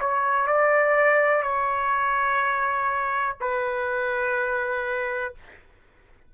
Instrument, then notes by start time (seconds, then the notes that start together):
trumpet
0.00 C#5
0.47 D5
1.43 C#5
3.41 B4